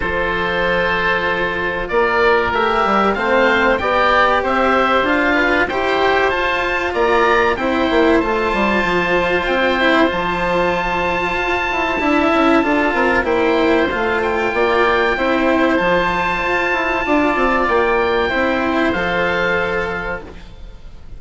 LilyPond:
<<
  \new Staff \with { instrumentName = "oboe" } { \time 4/4 \tempo 4 = 95 c''2. d''4 | e''4 f''4 g''4 e''4 | f''4 g''4 a''4 ais''4 | g''4 a''2 g''4 |
a''1~ | a''4 g''4 f''8 g''4.~ | g''4 a''2. | g''2 f''2 | }
  \new Staff \with { instrumentName = "oboe" } { \time 4/4 a'2. ais'4~ | ais'4 c''4 d''4 c''4~ | c''8 b'8 c''2 d''4 | c''1~ |
c''2. e''4 | a'8 ais'8 c''2 d''4 | c''2. d''4~ | d''4 c''2. | }
  \new Staff \with { instrumentName = "cello" } { \time 4/4 f'1 | g'4 c'4 g'2 | f'4 g'4 f'2 | e'4 f'2~ f'8 e'8 |
f'2. e'4 | f'4 e'4 f'2 | e'4 f'2.~ | f'4 e'4 a'2 | }
  \new Staff \with { instrumentName = "bassoon" } { \time 4/4 f2. ais4 | a8 g8 a4 b4 c'4 | d'4 e'4 f'4 ais4 | c'8 ais8 a8 g8 f4 c'4 |
f2 f'8 e'8 d'8 cis'8 | d'8 c'8 ais4 a4 ais4 | c'4 f4 f'8 e'8 d'8 c'8 | ais4 c'4 f2 | }
>>